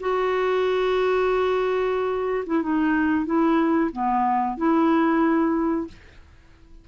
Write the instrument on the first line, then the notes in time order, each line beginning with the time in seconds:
clarinet
0.00 F#4
2.46 E4
2.62 D#4
3.25 E4
3.92 B3
4.57 E4